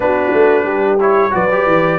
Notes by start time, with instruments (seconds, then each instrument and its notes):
0.00 tuba B3, trombone D4, horn F#4, trumpet B4
0.33 tuba A3
0.64 tuba G3, horn G4
1.00 trombone E4, trumpet C#5
1.31 tuba F#3, trombone F#4, horn B4, trumpet D5
1.51 trombone G4
1.66 tuba E3